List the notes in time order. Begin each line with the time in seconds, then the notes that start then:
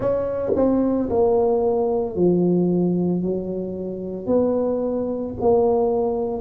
0.00 C#4
0.56 C4
1.10 A#3
2.15 F3
3.22 F#3
4.26 B3
5.41 A#3